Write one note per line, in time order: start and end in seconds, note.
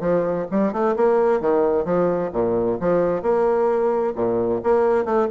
0.00 0.46 F3
0.51 0.72 G3
0.72 0.95 A3
0.96 1.40 A#3
1.40 1.84 D#3
1.84 2.30 F3
2.32 2.78 A#2
2.80 3.22 F3
3.22 4.13 A#3
4.15 4.61 A#2
4.63 5.05 A#3
5.05 5.28 A3